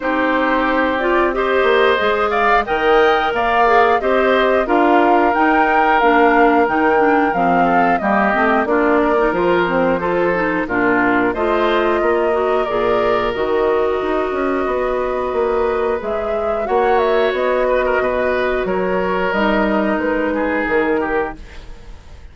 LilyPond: <<
  \new Staff \with { instrumentName = "flute" } { \time 4/4 \tempo 4 = 90 c''4. d''8 dis''4. f''8 | g''4 f''4 dis''4 f''4 | g''4 f''4 g''4 f''4 | dis''4 d''4 c''2 |
ais'4 dis''2 d''4 | dis''1 | e''4 fis''8 e''8 dis''2 | cis''4 dis''4 b'4 ais'4 | }
  \new Staff \with { instrumentName = "oboe" } { \time 4/4 g'2 c''4. d''8 | dis''4 d''4 c''4 ais'4~ | ais'2.~ ais'8 a'8 | g'4 f'8 ais'4. a'4 |
f'4 c''4 ais'2~ | ais'2 b'2~ | b'4 cis''4. b'16 ais'16 b'4 | ais'2~ ais'8 gis'4 g'8 | }
  \new Staff \with { instrumentName = "clarinet" } { \time 4/4 dis'4. f'8 g'4 gis'4 | ais'4. gis'8 g'4 f'4 | dis'4 d'4 dis'8 d'8 c'4 | ais8 c'8 d'8. dis'16 f'8 c'8 f'8 dis'8 |
d'4 f'4. fis'8 gis'4 | fis'1 | gis'4 fis'2.~ | fis'4 dis'2. | }
  \new Staff \with { instrumentName = "bassoon" } { \time 4/4 c'2~ c'8 ais8 gis4 | dis4 ais4 c'4 d'4 | dis'4 ais4 dis4 f4 | g8 a8 ais4 f2 |
ais,4 a4 ais4 ais,4 | dis4 dis'8 cis'8 b4 ais4 | gis4 ais4 b4 b,4 | fis4 g4 gis4 dis4 | }
>>